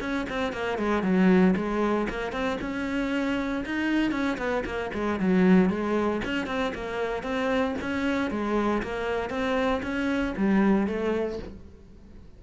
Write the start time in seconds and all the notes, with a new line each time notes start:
0.00 C#4
0.29 C4
0.52 A#3
0.78 G#3
1.03 F#3
1.56 G#3
2.09 A#3
2.32 C4
2.61 C#4
3.65 D#4
4.11 C#4
4.38 B3
4.65 A#3
4.93 G#3
5.20 F#3
5.69 G#3
6.24 C#4
6.47 C4
6.75 A#3
7.23 C4
7.81 C#4
8.30 G#3
8.83 A#3
9.29 C4
9.82 C#4
10.37 G3
10.87 A3